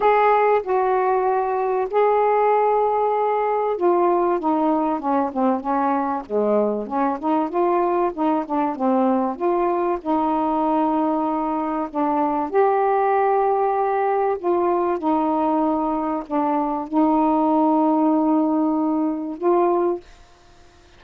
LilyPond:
\new Staff \with { instrumentName = "saxophone" } { \time 4/4 \tempo 4 = 96 gis'4 fis'2 gis'4~ | gis'2 f'4 dis'4 | cis'8 c'8 cis'4 gis4 cis'8 dis'8 | f'4 dis'8 d'8 c'4 f'4 |
dis'2. d'4 | g'2. f'4 | dis'2 d'4 dis'4~ | dis'2. f'4 | }